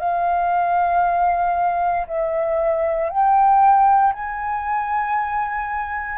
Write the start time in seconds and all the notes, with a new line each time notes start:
0.00 F5
2.07 E5
3.10 G5
4.14 G#5